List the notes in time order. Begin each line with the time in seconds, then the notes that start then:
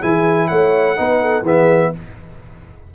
0.00 E3 E4 G#4 G#5
0.48 A3 C#5 F#5
0.96 B3 D#4 B4
1.22 A4
1.42 E3 B3 G#4 E5